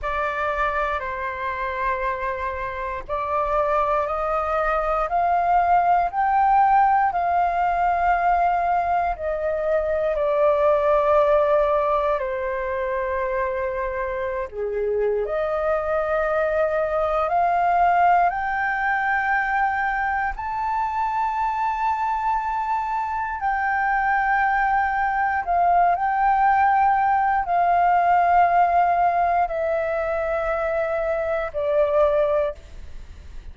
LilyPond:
\new Staff \with { instrumentName = "flute" } { \time 4/4 \tempo 4 = 59 d''4 c''2 d''4 | dis''4 f''4 g''4 f''4~ | f''4 dis''4 d''2 | c''2~ c''16 gis'8. dis''4~ |
dis''4 f''4 g''2 | a''2. g''4~ | g''4 f''8 g''4. f''4~ | f''4 e''2 d''4 | }